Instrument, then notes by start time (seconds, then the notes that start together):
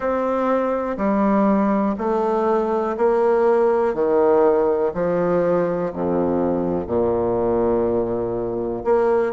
bassoon
0.00 C4
0.97 G3
1.98 A3
2.97 A#3
3.93 D#3
4.94 F3
5.92 F2
6.86 A#2
8.84 A#3